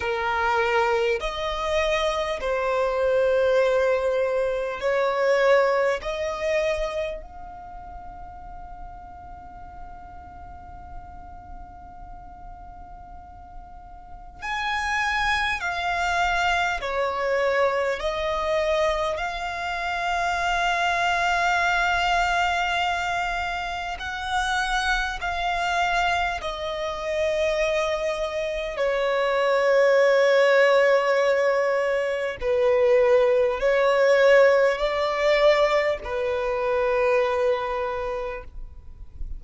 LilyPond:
\new Staff \with { instrumentName = "violin" } { \time 4/4 \tempo 4 = 50 ais'4 dis''4 c''2 | cis''4 dis''4 f''2~ | f''1 | gis''4 f''4 cis''4 dis''4 |
f''1 | fis''4 f''4 dis''2 | cis''2. b'4 | cis''4 d''4 b'2 | }